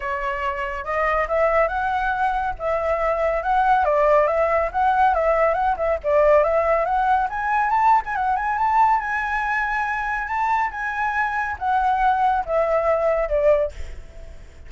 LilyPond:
\new Staff \with { instrumentName = "flute" } { \time 4/4 \tempo 4 = 140 cis''2 dis''4 e''4 | fis''2 e''2 | fis''4 d''4 e''4 fis''4 | e''4 fis''8 e''8 d''4 e''4 |
fis''4 gis''4 a''8. gis''16 fis''8 gis''8 | a''4 gis''2. | a''4 gis''2 fis''4~ | fis''4 e''2 d''4 | }